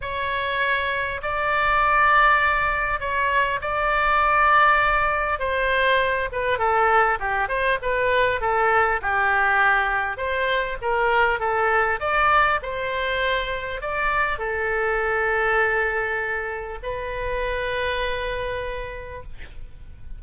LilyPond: \new Staff \with { instrumentName = "oboe" } { \time 4/4 \tempo 4 = 100 cis''2 d''2~ | d''4 cis''4 d''2~ | d''4 c''4. b'8 a'4 | g'8 c''8 b'4 a'4 g'4~ |
g'4 c''4 ais'4 a'4 | d''4 c''2 d''4 | a'1 | b'1 | }